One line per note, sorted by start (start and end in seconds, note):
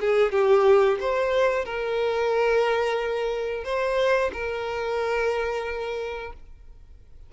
0.00 0.32 G#4
0.32 0.98 G4
1.00 1.65 C5
1.65 3.64 A#4
3.64 4.31 C5
4.32 6.32 A#4